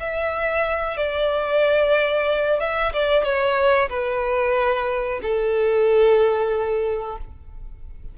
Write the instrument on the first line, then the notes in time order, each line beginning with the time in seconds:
violin
0.00 E5
0.97 D5
2.60 E5
2.93 D5
3.24 C#5
3.90 B4
5.23 A4